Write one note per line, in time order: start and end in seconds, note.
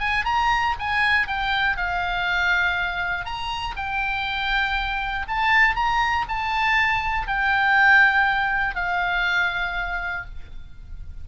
0.00 0.25 G#5
0.25 0.75 A#5
0.79 1.27 G#5
1.27 1.77 G5
1.77 3.25 F5
3.25 3.75 A#5
3.77 5.27 G5
5.28 5.76 A5
5.76 6.26 A#5
6.28 7.27 A5
7.27 8.75 G5
8.75 10.25 F5